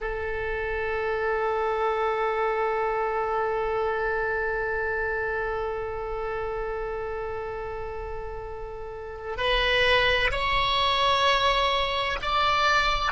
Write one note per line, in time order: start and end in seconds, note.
0.00 9.37 A4
9.37 10.30 B4
10.31 12.18 C#5
12.21 13.12 D5